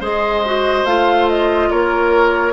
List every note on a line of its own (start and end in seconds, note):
0.00 0.84 G#3
0.00 0.43 G#4
0.00 1.69 C5
0.00 0.85 D#5
0.45 0.86 F#4
0.84 1.69 A3
0.84 2.52 F4
0.84 1.27 F5
1.28 1.70 D#5
1.70 2.52 A#3
1.70 2.52 A#4
1.70 2.52 C#5